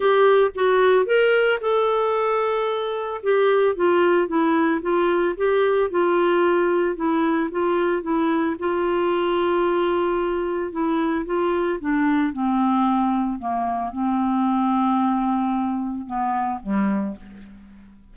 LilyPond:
\new Staff \with { instrumentName = "clarinet" } { \time 4/4 \tempo 4 = 112 g'4 fis'4 ais'4 a'4~ | a'2 g'4 f'4 | e'4 f'4 g'4 f'4~ | f'4 e'4 f'4 e'4 |
f'1 | e'4 f'4 d'4 c'4~ | c'4 ais4 c'2~ | c'2 b4 g4 | }